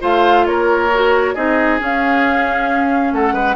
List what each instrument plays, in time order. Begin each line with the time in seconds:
0.00 bassoon A3, clarinet F4, oboe C5, flute F5
0.46 bassoon A#3, oboe A#4, flute C#5
0.94 clarinet F#4
1.34 bassoon C4, clarinet D#4, oboe G#4, flute D#5
1.78 clarinet C#4, bassoon C#4, flute F5
3.12 bassoon A3, oboe A4, flute F#5
3.33 bassoon G#3, oboe B4